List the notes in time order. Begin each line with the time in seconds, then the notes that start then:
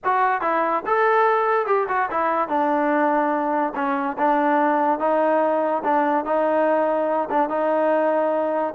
0.04 F#4
0.41 E4
0.86 A4
1.66 G4
1.88 F#4
2.10 E4
2.48 D4
3.75 C#4
4.17 D4
4.99 D#4
5.84 D4
6.24 D#4
7.29 D4
7.49 D#4